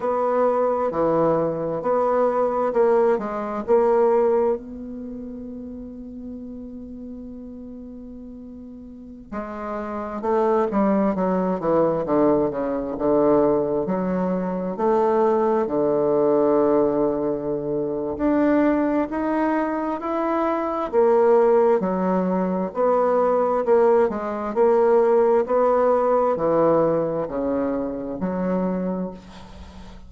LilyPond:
\new Staff \with { instrumentName = "bassoon" } { \time 4/4 \tempo 4 = 66 b4 e4 b4 ais8 gis8 | ais4 b2.~ | b2~ b16 gis4 a8 g16~ | g16 fis8 e8 d8 cis8 d4 fis8.~ |
fis16 a4 d2~ d8. | d'4 dis'4 e'4 ais4 | fis4 b4 ais8 gis8 ais4 | b4 e4 cis4 fis4 | }